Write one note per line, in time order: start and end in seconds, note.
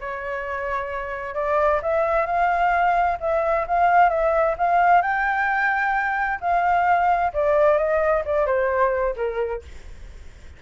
0.00 1.34 C#5
1.34 1.80 D5
1.82 2.26 E5
2.26 3.17 F5
3.20 3.66 E5
3.67 4.09 F5
4.09 4.55 E5
4.57 5.02 F5
5.02 6.39 G5
6.40 7.32 F5
7.33 7.77 D5
7.77 8.23 D#5
8.25 8.46 D5
8.46 9.15 C5
9.16 9.62 A#4